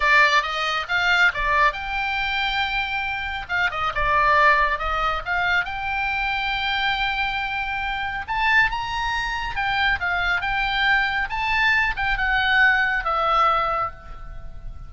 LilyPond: \new Staff \with { instrumentName = "oboe" } { \time 4/4 \tempo 4 = 138 d''4 dis''4 f''4 d''4 | g''1 | f''8 dis''8 d''2 dis''4 | f''4 g''2.~ |
g''2. a''4 | ais''2 g''4 f''4 | g''2 a''4. g''8 | fis''2 e''2 | }